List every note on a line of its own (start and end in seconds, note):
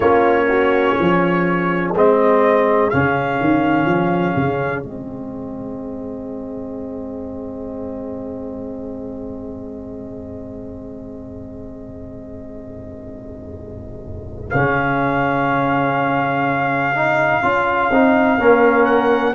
0.00 0.96 A#3
0.00 1.94 C#4
0.00 0.46 F4
0.00 1.92 C#5
0.48 0.96 F#4
0.97 1.93 F3
0.97 18.39 G#4
1.93 2.90 G#3
1.93 2.91 C4
1.93 2.90 D#5
2.90 3.40 C#3
2.90 4.82 C#4
2.90 4.83 F5
3.40 3.85 D#3
3.85 4.34 F3
4.35 4.83 C#3
4.82 14.51 G#3
4.82 14.50 C4
4.82 14.50 D#5
14.50 17.43 C#3
14.50 16.95 C#4
14.50 18.85 F5
16.95 17.42 D#4
17.42 17.90 C#4
17.42 17.91 F4
17.90 18.37 C4
17.90 18.39 D#4
18.37 19.34 A#3
18.37 19.34 C#4
18.37 19.34 A#4
18.85 19.33 F#5